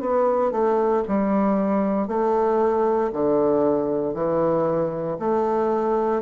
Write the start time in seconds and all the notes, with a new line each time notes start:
0.00 B3
0.52 A3
1.08 G3
2.07 A3
3.13 D3
4.14 E3
5.19 A3